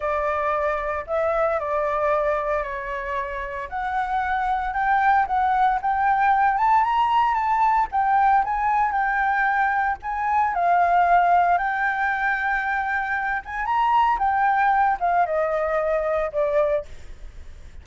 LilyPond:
\new Staff \with { instrumentName = "flute" } { \time 4/4 \tempo 4 = 114 d''2 e''4 d''4~ | d''4 cis''2 fis''4~ | fis''4 g''4 fis''4 g''4~ | g''8 a''8 ais''4 a''4 g''4 |
gis''4 g''2 gis''4 | f''2 g''2~ | g''4. gis''8 ais''4 g''4~ | g''8 f''8 dis''2 d''4 | }